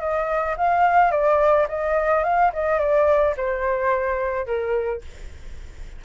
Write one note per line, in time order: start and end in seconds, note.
0.00 0.56 D#5
0.57 1.12 F5
1.12 1.67 D5
1.69 2.24 D#5
2.24 2.52 F5
2.54 2.80 D#5
2.80 3.35 D5
3.37 4.46 C5
4.46 5.02 A#4